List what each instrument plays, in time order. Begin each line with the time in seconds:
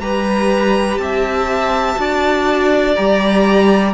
0.00 cello G3, viola G4, violin B4 A#5
0.98 cello C4, violin E5 A5
1.97 cello D4, viola F#4, violin D5
2.96 cello G3, viola G4, violin A#5